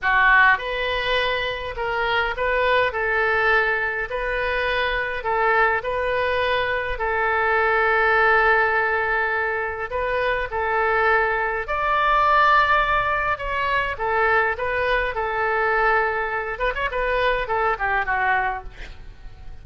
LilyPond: \new Staff \with { instrumentName = "oboe" } { \time 4/4 \tempo 4 = 103 fis'4 b'2 ais'4 | b'4 a'2 b'4~ | b'4 a'4 b'2 | a'1~ |
a'4 b'4 a'2 | d''2. cis''4 | a'4 b'4 a'2~ | a'8 b'16 cis''16 b'4 a'8 g'8 fis'4 | }